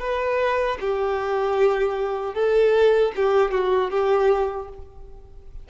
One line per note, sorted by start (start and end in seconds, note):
0.00 0.78 B4
0.81 2.34 G4
2.34 3.12 A4
3.16 3.52 G4
3.52 3.91 F#4
3.91 4.69 G4